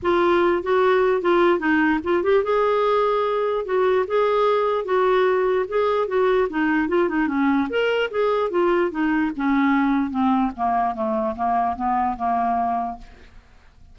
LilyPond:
\new Staff \with { instrumentName = "clarinet" } { \time 4/4 \tempo 4 = 148 f'4. fis'4. f'4 | dis'4 f'8 g'8 gis'2~ | gis'4 fis'4 gis'2 | fis'2 gis'4 fis'4 |
dis'4 f'8 dis'8 cis'4 ais'4 | gis'4 f'4 dis'4 cis'4~ | cis'4 c'4 ais4 a4 | ais4 b4 ais2 | }